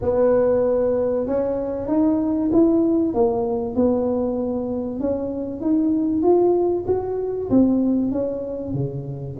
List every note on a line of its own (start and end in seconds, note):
0.01 1.26 B3
1.26 1.88 C#4
1.88 2.50 D#4
2.52 3.13 E4
3.13 3.75 A#3
3.75 4.99 B3
4.99 5.61 C#4
5.61 6.22 D#4
6.22 6.84 F4
6.87 7.49 F#4
7.49 8.11 C4
8.11 8.73 C#4
8.73 9.36 C#3